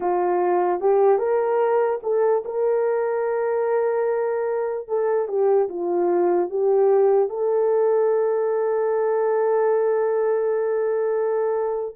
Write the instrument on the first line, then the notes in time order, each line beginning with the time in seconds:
horn
0.00 F4
0.80 G4
1.18 A#4
2.03 A4
2.44 A#4
4.88 A4
5.27 G4
5.68 F4
6.49 G4
7.29 A4